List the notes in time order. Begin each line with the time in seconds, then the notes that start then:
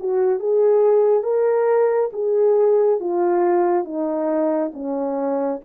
0.00 F#4
0.40 G#4
1.24 A#4
2.13 G#4
3.00 F4
3.85 D#4
4.74 C#4